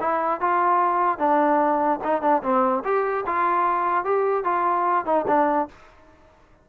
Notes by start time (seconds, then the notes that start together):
0.00 E4
0.40 F4
1.18 D4
2.03 D#4
2.22 D4
2.43 C4
2.84 G4
3.26 F4
4.04 G4
4.44 F4
5.05 D#4
5.27 D4